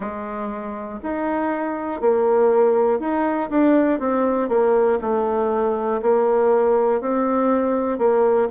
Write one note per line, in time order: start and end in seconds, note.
0.00 0.99 G#3
1.03 2.00 D#4
2.00 3.00 A#3
3.00 3.50 D#4
3.50 3.99 D4
3.99 4.48 C4
4.48 4.98 A#3
5.01 6.01 A3
6.01 7.00 A#3
7.00 7.98 C4
7.98 8.48 A#3